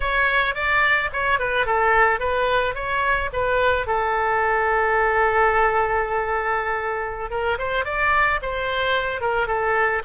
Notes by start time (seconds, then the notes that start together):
0.00 C#5
0.55 D5
1.13 C#5
1.39 B4
1.66 A4
2.19 B4
2.74 C#5
3.32 B4
3.86 A4
7.30 A#4
7.58 C5
7.84 D5
8.42 C5
9.21 A#4
9.47 A4